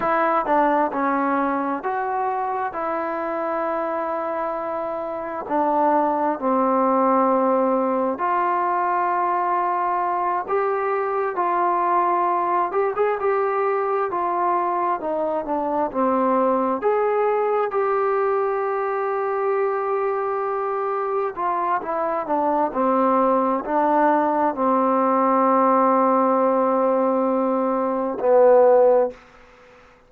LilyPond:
\new Staff \with { instrumentName = "trombone" } { \time 4/4 \tempo 4 = 66 e'8 d'8 cis'4 fis'4 e'4~ | e'2 d'4 c'4~ | c'4 f'2~ f'8 g'8~ | g'8 f'4. g'16 gis'16 g'4 f'8~ |
f'8 dis'8 d'8 c'4 gis'4 g'8~ | g'2.~ g'8 f'8 | e'8 d'8 c'4 d'4 c'4~ | c'2. b4 | }